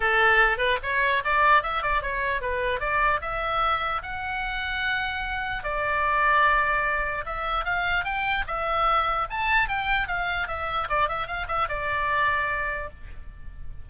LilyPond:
\new Staff \with { instrumentName = "oboe" } { \time 4/4 \tempo 4 = 149 a'4. b'8 cis''4 d''4 | e''8 d''8 cis''4 b'4 d''4 | e''2 fis''2~ | fis''2 d''2~ |
d''2 e''4 f''4 | g''4 e''2 a''4 | g''4 f''4 e''4 d''8 e''8 | f''8 e''8 d''2. | }